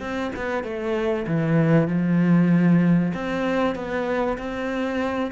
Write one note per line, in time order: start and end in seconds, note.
0.00 0.31 C4
0.36 0.64 B3
0.64 1.26 A3
1.27 1.88 E3
1.88 3.12 F3
3.14 3.75 C4
3.75 4.38 B3
4.38 5.32 C4